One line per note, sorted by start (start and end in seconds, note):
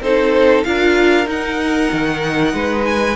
0.00 0.63 C4
0.00 0.66 D#4
0.00 0.66 A4
0.00 0.63 C5
0.63 1.26 D4
0.63 1.25 F4
0.63 2.54 A#4
0.63 1.26 F5
1.25 3.14 D#4
1.25 1.89 D#4
1.25 2.85 F#5
1.92 2.53 D#3
2.53 3.16 G#3
2.53 3.16 B4
2.85 3.16 G#5